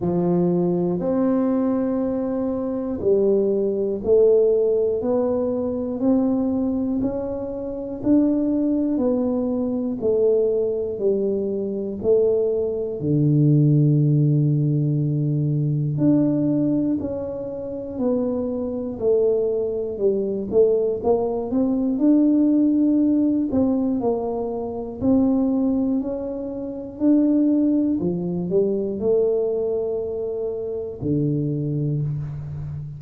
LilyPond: \new Staff \with { instrumentName = "tuba" } { \time 4/4 \tempo 4 = 60 f4 c'2 g4 | a4 b4 c'4 cis'4 | d'4 b4 a4 g4 | a4 d2. |
d'4 cis'4 b4 a4 | g8 a8 ais8 c'8 d'4. c'8 | ais4 c'4 cis'4 d'4 | f8 g8 a2 d4 | }